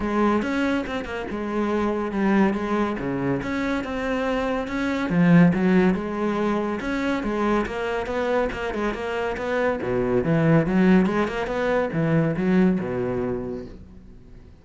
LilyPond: \new Staff \with { instrumentName = "cello" } { \time 4/4 \tempo 4 = 141 gis4 cis'4 c'8 ais8 gis4~ | gis4 g4 gis4 cis4 | cis'4 c'2 cis'4 | f4 fis4 gis2 |
cis'4 gis4 ais4 b4 | ais8 gis8 ais4 b4 b,4 | e4 fis4 gis8 ais8 b4 | e4 fis4 b,2 | }